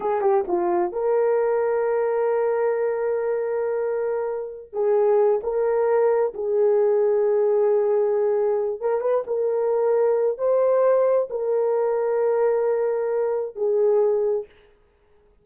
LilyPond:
\new Staff \with { instrumentName = "horn" } { \time 4/4 \tempo 4 = 133 gis'8 g'8 f'4 ais'2~ | ais'1~ | ais'2~ ais'8 gis'4. | ais'2 gis'2~ |
gis'2.~ gis'8 ais'8 | b'8 ais'2~ ais'8 c''4~ | c''4 ais'2.~ | ais'2 gis'2 | }